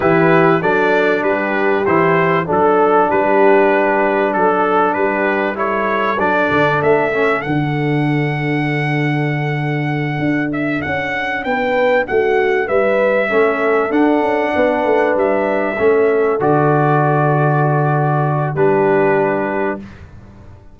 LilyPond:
<<
  \new Staff \with { instrumentName = "trumpet" } { \time 4/4 \tempo 4 = 97 b'4 d''4 b'4 c''4 | a'4 b'2 a'4 | b'4 cis''4 d''4 e''4 | fis''1~ |
fis''4 e''8 fis''4 g''4 fis''8~ | fis''8 e''2 fis''4.~ | fis''8 e''2 d''4.~ | d''2 b'2 | }
  \new Staff \with { instrumentName = "horn" } { \time 4/4 g'4 a'4 g'2 | a'4 g'2 a'4 | g'4 a'2.~ | a'1~ |
a'2~ a'8 b'4 fis'8~ | fis'8 b'4 a'2 b'8~ | b'4. a'2~ a'8~ | a'2 g'2 | }
  \new Staff \with { instrumentName = "trombone" } { \time 4/4 e'4 d'2 e'4 | d'1~ | d'4 e'4 d'4. cis'8 | d'1~ |
d'1~ | d'4. cis'4 d'4.~ | d'4. cis'4 fis'4.~ | fis'2 d'2 | }
  \new Staff \with { instrumentName = "tuba" } { \time 4/4 e4 fis4 g4 e4 | fis4 g2 fis4 | g2 fis8 d8 a4 | d1~ |
d8 d'4 cis'4 b4 a8~ | a8 g4 a4 d'8 cis'8 b8 | a8 g4 a4 d4.~ | d2 g2 | }
>>